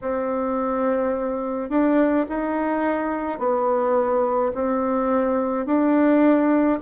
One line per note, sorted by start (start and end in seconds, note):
0.01 1.69 C4
1.69 2.26 D4
2.28 3.39 D#4
3.39 4.52 B3
4.54 5.66 C4
5.66 6.79 D4